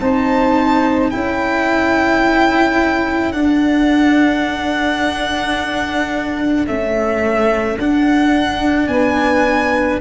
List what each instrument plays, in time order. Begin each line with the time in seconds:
0.00 tuba C4, cello D#4, saxophone C5, violin A5
1.10 tuba C#4, cello E4, saxophone A4, violin G5
3.32 cello D4, tuba D4, violin F#5
6.67 cello A3, tuba C#4, violin E5
7.78 tuba D4, cello D4, violin F#5
8.87 tuba B3, saxophone B4, violin G#5